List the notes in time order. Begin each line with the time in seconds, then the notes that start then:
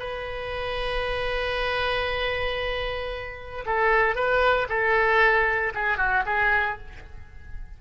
0.00 B4
3.66 A4
4.16 B4
4.69 A4
5.75 G#4
5.98 F#4
6.26 G#4